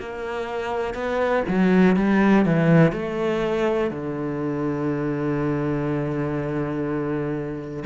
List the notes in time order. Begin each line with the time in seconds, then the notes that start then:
0.00 A#3
0.95 B3
1.49 F#3
1.97 G3
2.46 E3
2.92 A3
3.91 D3